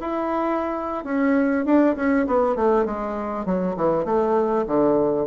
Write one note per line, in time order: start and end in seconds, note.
0.00 1.04 E4
1.04 1.65 C#4
1.65 1.96 D4
1.96 2.26 C#4
2.27 2.56 B3
2.56 2.85 A3
2.85 3.46 G#3
3.46 3.76 F#3
3.76 4.05 E3
4.05 4.65 A3
4.67 5.27 D3